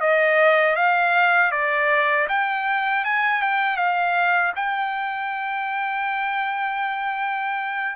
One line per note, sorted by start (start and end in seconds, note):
0.00 0.76 D#5
0.76 1.51 F5
1.51 2.27 D5
2.29 3.04 G5
3.04 3.42 G#5
3.42 3.76 G5
3.76 4.52 F5
4.56 7.96 G5